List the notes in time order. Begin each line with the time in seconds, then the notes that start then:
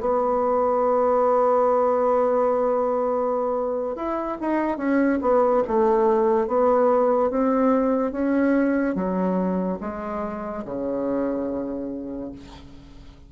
0.00 B3
3.96 E4
4.41 D#4
4.77 C#4
5.21 B3
5.67 A3
6.47 B3
7.30 C4
8.11 C#4
8.95 F#3
9.81 G#3
10.65 C#3